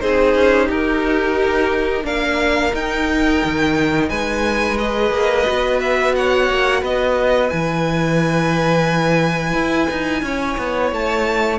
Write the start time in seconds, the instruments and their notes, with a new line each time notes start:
0.00 cello C4, viola D#4, violin G#4 C5
0.35 cello C#4
0.66 cello D#4, violin G4 A#4
2.04 cello A#3, viola D4, violin A#4 F5
2.73 viola D#4, cello D#4, violin G5
3.45 cello D#3
4.09 cello G#3, violin B4 G#5
4.78 viola G#4, violin D#5
5.11 cello A#3
5.46 cello B3, viola F#4
5.81 violin E5
6.15 violin C#5 F#5
6.50 cello A#3
6.81 cello B3, violin B4 D#5
7.50 cello E3, viola E4, violin G#5
9.54 cello E4
9.91 cello D#4
10.23 cello C#4, violin C#5
10.58 cello B3
10.92 cello A3, violin A5